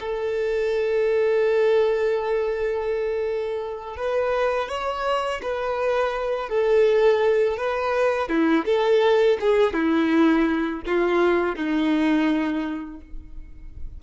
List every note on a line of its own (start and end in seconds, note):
0.00 3.97 A4
3.97 4.69 B4
4.69 5.41 C#5
5.42 6.49 B4
6.49 7.57 A4
7.57 8.29 B4
8.29 8.65 E4
8.65 9.37 A4
9.40 9.73 G#4
9.73 10.82 E4
10.86 11.56 F4
11.56 13.00 D#4